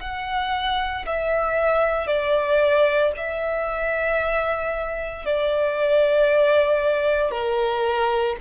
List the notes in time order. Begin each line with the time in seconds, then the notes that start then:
0.00 F#5
1.06 E5
2.07 D5
3.17 E5
5.25 D5
7.31 A#4